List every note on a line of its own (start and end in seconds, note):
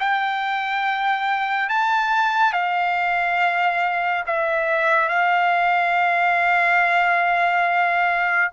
0.00 1.70 G5
1.70 2.53 A5
2.53 4.25 F5
4.27 5.09 E5
5.09 8.52 F5